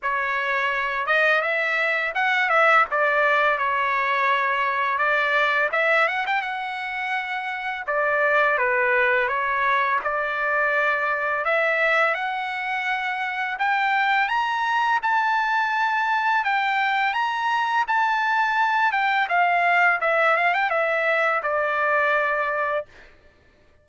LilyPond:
\new Staff \with { instrumentName = "trumpet" } { \time 4/4 \tempo 4 = 84 cis''4. dis''8 e''4 fis''8 e''8 | d''4 cis''2 d''4 | e''8 fis''16 g''16 fis''2 d''4 | b'4 cis''4 d''2 |
e''4 fis''2 g''4 | ais''4 a''2 g''4 | ais''4 a''4. g''8 f''4 | e''8 f''16 g''16 e''4 d''2 | }